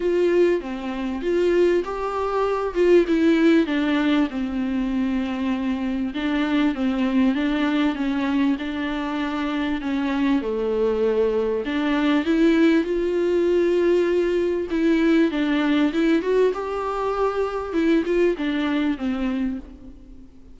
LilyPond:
\new Staff \with { instrumentName = "viola" } { \time 4/4 \tempo 4 = 98 f'4 c'4 f'4 g'4~ | g'8 f'8 e'4 d'4 c'4~ | c'2 d'4 c'4 | d'4 cis'4 d'2 |
cis'4 a2 d'4 | e'4 f'2. | e'4 d'4 e'8 fis'8 g'4~ | g'4 e'8 f'8 d'4 c'4 | }